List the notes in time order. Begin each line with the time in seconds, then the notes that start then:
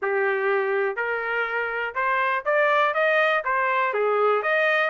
0.02 G4
0.96 A#4
1.94 C5
2.45 D5
2.94 D#5
3.44 C5
3.93 G#4
4.42 D#5